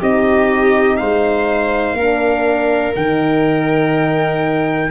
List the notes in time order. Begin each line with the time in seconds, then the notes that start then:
0.00 C4 D#4 G4 D#5
0.97 G#3 C5 F5
1.94 A#3 D4 A#4
2.96 D#3 D#4 G5